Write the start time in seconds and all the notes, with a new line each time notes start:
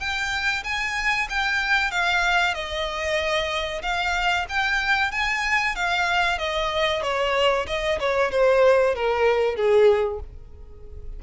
0.00 G5
0.64 G#5
1.29 G5
1.91 F5
2.54 D#5
3.82 F5
4.49 G5
5.12 G#5
5.75 F5
6.38 D#5
7.02 C#5
7.67 D#5
8.00 C#5
8.31 C5
8.95 A#4
9.56 G#4